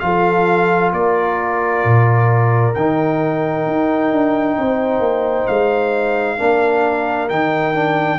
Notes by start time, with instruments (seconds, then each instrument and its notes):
0.00 tuba F3, trombone F4, horn A4, trumpet F5
0.93 tuba A#3, horn A#4, trumpet D5
1.85 tuba A#2
2.75 tuba D#3, trombone D#4, trumpet G5
3.67 tuba D#4
4.12 tuba D4
4.58 tuba C4, horn C5
4.99 tuba A#3
5.47 tuba G#3, trumpet F5
6.38 tuba A#3, trombone D4, horn A#4
7.29 tuba D#3, trombone D#4, trumpet G5
7.74 trombone D4